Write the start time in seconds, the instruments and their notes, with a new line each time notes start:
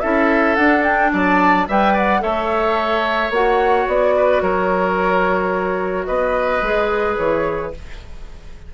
0.00 bassoon C#4, clarinet E4, oboe A4, flute E5
0.55 bassoon D4, clarinet D4, flute F#5
0.83 flute G5
1.12 bassoon F#3, oboe D5, flute A5
1.68 bassoon G3, clarinet B4, oboe E5, flute G5
1.93 oboe D5, flute F#5
2.20 bassoon A3, clarinet A4, oboe C#5, flute E5
3.30 bassoon A#3, clarinet F#4, flute F#5
3.87 bassoon B3, flute D5
4.16 oboe B4
4.41 bassoon F#3, oboe A#4, flute C#5
6.06 bassoon B3, oboe B4, flute D#5
6.62 bassoon G#3, clarinet G#4
7.17 bassoon E3, flute C#5